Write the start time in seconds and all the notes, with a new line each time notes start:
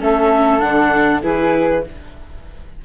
0.00 A3 C#4 A4 E5
0.59 D3 D4 F#5
1.22 E3 E4 G#4 B4